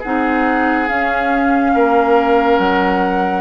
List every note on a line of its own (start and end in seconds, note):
0.00 0.90 C4
0.00 0.88 D#4
0.00 1.71 G#4
0.00 0.88 F#5
0.88 3.41 C#4
0.88 1.75 C#4
0.88 2.59 F5
1.74 2.59 A#3
1.74 3.41 A#4
2.59 3.41 F#3
2.59 3.41 F#5